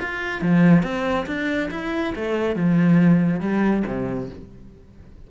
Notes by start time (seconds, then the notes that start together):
0.00 F4
0.42 F3
0.83 C4
1.26 D4
1.71 E4
2.15 A3
2.55 F3
3.40 G3
3.87 C3